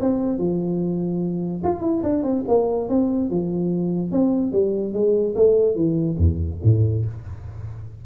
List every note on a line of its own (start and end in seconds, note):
0.00 0.38 C4
0.38 1.62 F3
1.63 1.81 F4
1.81 2.02 E4
2.03 2.23 D4
2.23 2.44 C4
2.48 2.89 A#3
2.89 3.30 C4
3.30 4.11 F3
4.11 4.52 C4
4.52 4.93 G3
4.93 5.35 G#3
5.35 5.75 A3
5.75 6.17 E3
6.17 6.59 E2
6.64 7.05 A2